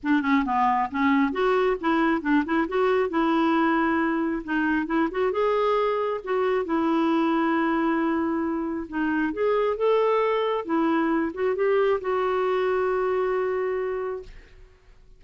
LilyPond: \new Staff \with { instrumentName = "clarinet" } { \time 4/4 \tempo 4 = 135 d'8 cis'8 b4 cis'4 fis'4 | e'4 d'8 e'8 fis'4 e'4~ | e'2 dis'4 e'8 fis'8 | gis'2 fis'4 e'4~ |
e'1 | dis'4 gis'4 a'2 | e'4. fis'8 g'4 fis'4~ | fis'1 | }